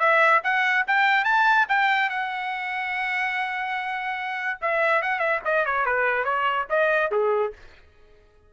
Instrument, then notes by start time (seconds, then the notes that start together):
trumpet
0.00 E5
0.44 F#5
0.87 G5
1.25 A5
1.69 G5
2.10 F#5
4.62 E5
5.02 F#5
5.19 E5
5.45 D#5
5.66 C#5
5.86 B4
6.25 C#5
6.70 D#5
7.12 G#4